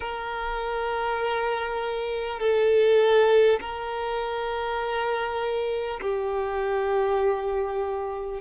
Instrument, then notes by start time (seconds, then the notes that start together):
violin
0.00 A#4
2.39 A4
3.60 A#4
6.01 G4